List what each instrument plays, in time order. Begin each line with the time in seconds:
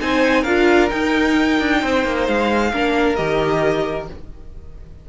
0.00 cello C4, viola D#4, violin C5 G#5
0.42 cello D4, viola F4, violin A#4 F5
0.90 viola D#4, cello D#4, violin G5
1.60 cello D4
1.82 cello C4, violin C5
2.05 cello A#3
2.28 cello G#3, violin F5
2.73 cello A#3, viola D4, violin A#4
3.16 cello D#3, viola G4, violin D#5